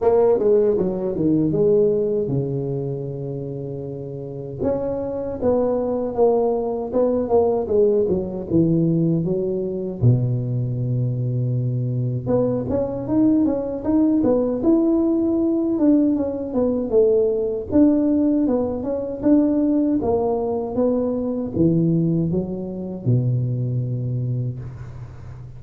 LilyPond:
\new Staff \with { instrumentName = "tuba" } { \time 4/4 \tempo 4 = 78 ais8 gis8 fis8 dis8 gis4 cis4~ | cis2 cis'4 b4 | ais4 b8 ais8 gis8 fis8 e4 | fis4 b,2. |
b8 cis'8 dis'8 cis'8 dis'8 b8 e'4~ | e'8 d'8 cis'8 b8 a4 d'4 | b8 cis'8 d'4 ais4 b4 | e4 fis4 b,2 | }